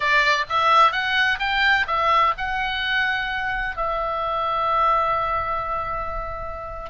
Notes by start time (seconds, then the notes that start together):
0.00 D5
0.49 E5
0.92 F#5
1.39 G5
1.87 E5
2.37 F#5
3.76 E5